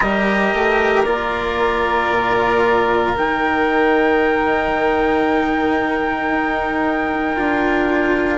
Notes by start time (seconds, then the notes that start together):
0.00 G3 G4 A#4 D#5
0.53 A3
1.04 A#3 F4 D5
2.10 A#2
3.16 D#3 D#4 G5
6.30 D#4
7.36 D4 F4